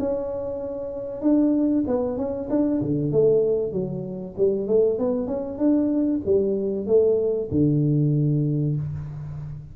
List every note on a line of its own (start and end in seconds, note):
0.00 1.22 C#4
1.22 1.85 D4
1.87 2.18 B3
2.18 2.49 C#4
2.50 2.82 D4
2.82 3.12 D3
3.12 3.73 A3
3.73 4.35 F#3
4.38 4.68 G3
4.68 4.99 A3
4.99 5.28 B3
5.28 5.59 C#4
5.59 6.21 D4
6.26 6.87 G3
6.87 7.50 A3
7.52 8.77 D3